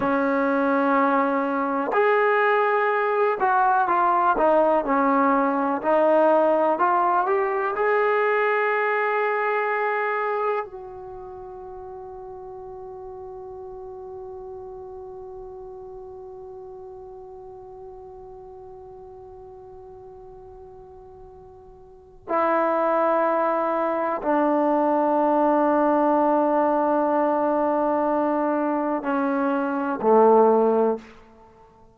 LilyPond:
\new Staff \with { instrumentName = "trombone" } { \time 4/4 \tempo 4 = 62 cis'2 gis'4. fis'8 | f'8 dis'8 cis'4 dis'4 f'8 g'8 | gis'2. fis'4~ | fis'1~ |
fis'1~ | fis'2. e'4~ | e'4 d'2.~ | d'2 cis'4 a4 | }